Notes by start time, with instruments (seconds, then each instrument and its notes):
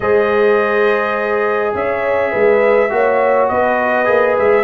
0.00 tuba G#3, trombone G#4, horn C5, trumpet D#5
1.74 tuba C#4, horn C#5, trumpet E5
2.31 tuba G#3, horn B4
2.89 tuba A#3, trombone F#4, horn C#5
3.48 tuba B3, horn B4, trumpet D#5
4.05 tuba A#3, trombone G#4
4.38 tuba G#3, trumpet E5